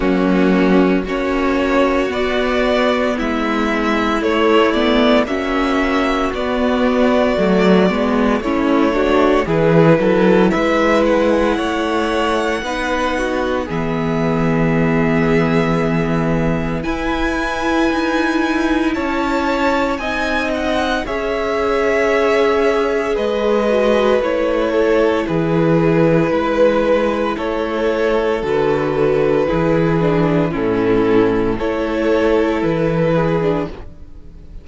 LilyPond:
<<
  \new Staff \with { instrumentName = "violin" } { \time 4/4 \tempo 4 = 57 fis'4 cis''4 d''4 e''4 | cis''8 d''8 e''4 d''2 | cis''4 b'4 e''8 fis''4.~ | fis''4 e''2. |
gis''2 a''4 gis''8 fis''8 | e''2 dis''4 cis''4 | b'2 cis''4 b'4~ | b'4 a'4 cis''4 b'4 | }
  \new Staff \with { instrumentName = "violin" } { \time 4/4 cis'4 fis'2 e'4~ | e'4 fis'2. | e'8 fis'8 gis'8 a'8 b'4 cis''4 | b'8 fis'8 gis'2. |
b'2 cis''4 dis''4 | cis''2 b'4. a'8 | gis'4 b'4 a'2 | gis'4 e'4 a'4. gis'8 | }
  \new Staff \with { instrumentName = "viola" } { \time 4/4 ais4 cis'4 b2 | a8 b8 cis'4 b4 a8 b8 | cis'8 d'8 e'2. | dis'4 b2. |
e'2. dis'4 | gis'2~ gis'8 fis'8 e'4~ | e'2. fis'4 | e'8 d'8 cis'4 e'4.~ e'16 d'16 | }
  \new Staff \with { instrumentName = "cello" } { \time 4/4 fis4 ais4 b4 gis4 | a4 ais4 b4 fis8 gis8 | a4 e8 fis8 gis4 a4 | b4 e2. |
e'4 dis'4 cis'4 c'4 | cis'2 gis4 a4 | e4 gis4 a4 d4 | e4 a,4 a4 e4 | }
>>